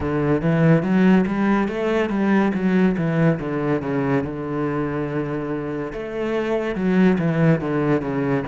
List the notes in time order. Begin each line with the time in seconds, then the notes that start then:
0.00 D3
0.41 E3
0.82 F#3
1.26 G3
1.67 A3
2.09 G3
2.54 F#3
2.97 E3
3.39 D3
3.81 C#3
4.23 D3
5.92 A3
6.75 F#3
7.18 E3
7.61 D3
8.01 C#3